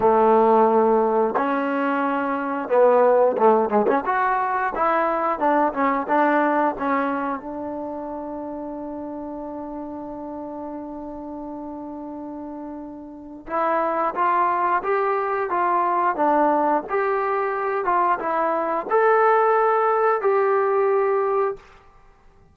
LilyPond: \new Staff \with { instrumentName = "trombone" } { \time 4/4 \tempo 4 = 89 a2 cis'2 | b4 a8 gis16 cis'16 fis'4 e'4 | d'8 cis'8 d'4 cis'4 d'4~ | d'1~ |
d'1 | e'4 f'4 g'4 f'4 | d'4 g'4. f'8 e'4 | a'2 g'2 | }